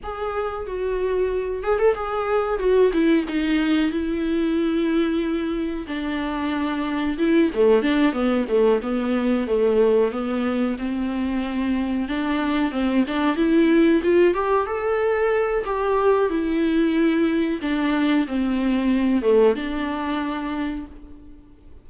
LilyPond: \new Staff \with { instrumentName = "viola" } { \time 4/4 \tempo 4 = 92 gis'4 fis'4. gis'16 a'16 gis'4 | fis'8 e'8 dis'4 e'2~ | e'4 d'2 e'8 a8 | d'8 b8 a8 b4 a4 b8~ |
b8 c'2 d'4 c'8 | d'8 e'4 f'8 g'8 a'4. | g'4 e'2 d'4 | c'4. a8 d'2 | }